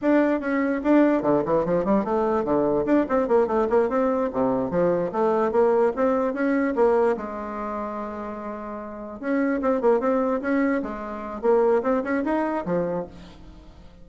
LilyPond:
\new Staff \with { instrumentName = "bassoon" } { \time 4/4 \tempo 4 = 147 d'4 cis'4 d'4 d8 e8 | f8 g8 a4 d4 d'8 c'8 | ais8 a8 ais8 c'4 c4 f8~ | f8 a4 ais4 c'4 cis'8~ |
cis'8 ais4 gis2~ gis8~ | gis2~ gis8 cis'4 c'8 | ais8 c'4 cis'4 gis4. | ais4 c'8 cis'8 dis'4 f4 | }